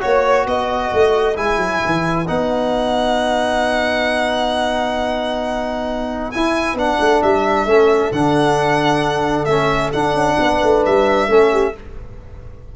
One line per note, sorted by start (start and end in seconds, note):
0.00 0.46 A#3
0.00 1.35 F#4
0.00 0.47 C#5
0.46 0.92 B3
0.46 7.67 B4
0.46 1.37 D#5
0.94 1.38 A3
1.36 1.58 G#3
1.36 2.26 E4
1.36 2.27 G#5
1.58 1.80 F#3
1.86 2.29 E3
2.27 6.35 B3
2.27 6.34 D#4
2.27 6.31 F#5
6.31 6.78 E4
6.31 6.74 E4
6.31 6.76 G#5
6.74 6.97 B3
6.74 7.68 D4
6.74 7.23 F#5
7.00 7.23 A3
7.23 7.66 G3
7.23 8.12 E5
7.66 8.11 A3
7.66 8.13 C#4
7.66 10.38 A4
8.12 9.47 D3
8.12 9.49 D4
8.12 9.45 F#5
9.45 9.92 A3
9.45 9.94 C#4
9.45 9.91 E5
9.93 11.29 D4
9.93 10.14 D4
9.93 10.84 F#5
10.14 10.37 C#4
10.40 10.62 B3
10.40 11.30 B4
10.64 10.86 A3
10.86 11.28 G3
10.86 11.76 E5
11.28 11.73 A3
11.28 11.74 C#4
11.28 11.52 A4
11.52 11.75 G4